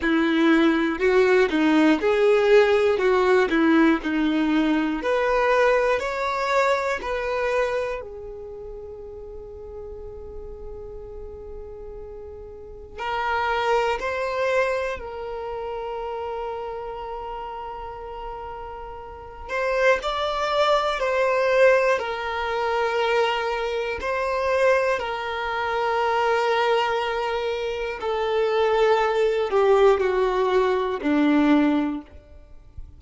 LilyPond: \new Staff \with { instrumentName = "violin" } { \time 4/4 \tempo 4 = 60 e'4 fis'8 dis'8 gis'4 fis'8 e'8 | dis'4 b'4 cis''4 b'4 | gis'1~ | gis'4 ais'4 c''4 ais'4~ |
ais'2.~ ais'8 c''8 | d''4 c''4 ais'2 | c''4 ais'2. | a'4. g'8 fis'4 d'4 | }